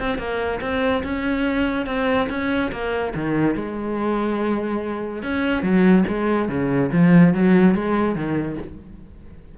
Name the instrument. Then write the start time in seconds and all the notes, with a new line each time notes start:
cello
0.00 C4
0.18 A#3
0.61 C4
1.04 C#4
1.87 C4
2.30 C#4
2.72 A#3
3.15 D#3
3.55 G#3
5.23 C#4
5.63 F#3
6.08 G#3
6.49 C#3
6.92 F3
7.34 F#3
7.75 G#3
8.16 D#3